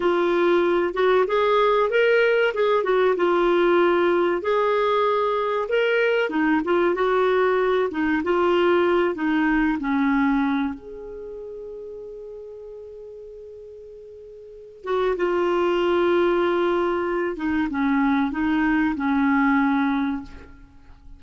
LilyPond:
\new Staff \with { instrumentName = "clarinet" } { \time 4/4 \tempo 4 = 95 f'4. fis'8 gis'4 ais'4 | gis'8 fis'8 f'2 gis'4~ | gis'4 ais'4 dis'8 f'8 fis'4~ | fis'8 dis'8 f'4. dis'4 cis'8~ |
cis'4 gis'2.~ | gis'2.~ gis'8 fis'8 | f'2.~ f'8 dis'8 | cis'4 dis'4 cis'2 | }